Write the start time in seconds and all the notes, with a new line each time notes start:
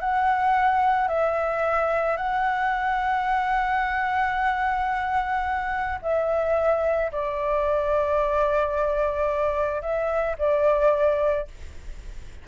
0.00 F#5
1.08 E5
2.17 F#5
6.02 E5
7.12 D5
9.81 E5
10.38 D5